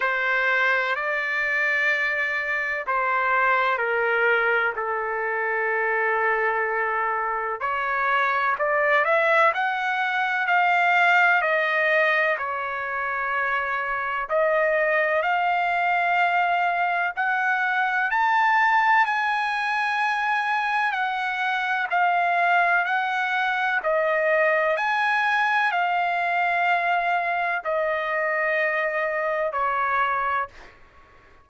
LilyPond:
\new Staff \with { instrumentName = "trumpet" } { \time 4/4 \tempo 4 = 63 c''4 d''2 c''4 | ais'4 a'2. | cis''4 d''8 e''8 fis''4 f''4 | dis''4 cis''2 dis''4 |
f''2 fis''4 a''4 | gis''2 fis''4 f''4 | fis''4 dis''4 gis''4 f''4~ | f''4 dis''2 cis''4 | }